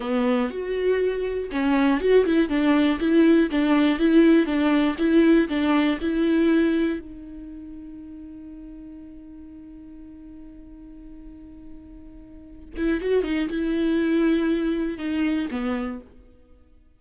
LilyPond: \new Staff \with { instrumentName = "viola" } { \time 4/4 \tempo 4 = 120 b4 fis'2 cis'4 | fis'8 e'8 d'4 e'4 d'4 | e'4 d'4 e'4 d'4 | e'2 dis'2~ |
dis'1~ | dis'1~ | dis'4. e'8 fis'8 dis'8 e'4~ | e'2 dis'4 b4 | }